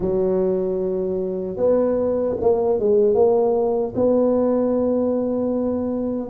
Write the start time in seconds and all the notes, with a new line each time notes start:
0.00 F#3
1.56 B3
2.40 A#3
2.78 G#3
3.14 A#3
3.95 B3